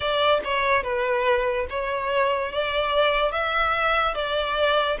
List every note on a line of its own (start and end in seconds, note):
0.00 0.40 D5
0.44 0.83 C#5
0.83 1.66 B4
1.69 2.52 C#5
2.52 3.31 D5
3.31 4.14 E5
4.14 4.98 D5